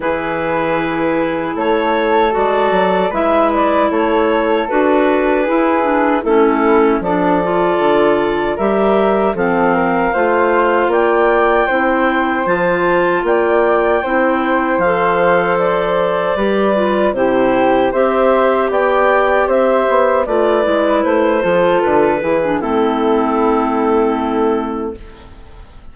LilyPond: <<
  \new Staff \with { instrumentName = "clarinet" } { \time 4/4 \tempo 4 = 77 b'2 cis''4 d''4 | e''8 d''8 cis''4 b'2 | a'4 d''2 e''4 | f''2 g''2 |
a''4 g''2 f''4 | d''2 c''4 e''4 | g''4 e''4 d''4 c''4 | b'4 a'2. | }
  \new Staff \with { instrumentName = "flute" } { \time 4/4 gis'2 a'2 | b'4 a'2 gis'4 | e'4 a'2 ais'4 | a'8 ais'8 c''4 d''4 c''4~ |
c''4 d''4 c''2~ | c''4 b'4 g'4 c''4 | d''4 c''4 b'4. a'8~ | a'8 gis'8 e'2. | }
  \new Staff \with { instrumentName = "clarinet" } { \time 4/4 e'2. fis'4 | e'2 fis'4 e'8 d'8 | cis'4 d'8 f'4. g'4 | c'4 f'2 e'4 |
f'2 e'4 a'4~ | a'4 g'8 f'8 e'4 g'4~ | g'2 f'8 e'4 f'8~ | f'8 e'16 d'16 c'2. | }
  \new Staff \with { instrumentName = "bassoon" } { \time 4/4 e2 a4 gis8 fis8 | gis4 a4 d'4 e'4 | a4 f4 d4 g4 | f4 a4 ais4 c'4 |
f4 ais4 c'4 f4~ | f4 g4 c4 c'4 | b4 c'8 b8 a8 gis8 a8 f8 | d8 e8 a2. | }
>>